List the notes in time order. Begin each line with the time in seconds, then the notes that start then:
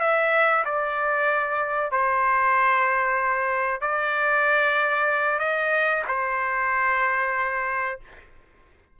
0.00 E5
0.65 D5
1.91 C5
3.81 D5
5.39 D#5
6.08 C5